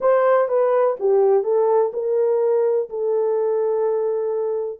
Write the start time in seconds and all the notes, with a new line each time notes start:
0.00 C5
0.48 B4
0.99 G4
1.43 A4
1.93 A#4
2.89 A4